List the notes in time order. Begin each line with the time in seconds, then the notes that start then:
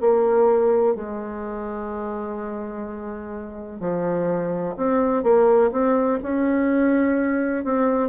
0.00 A#3
0.95 G#3
3.80 F3
4.77 C4
5.23 A#3
5.71 C4
6.23 C#4
7.64 C4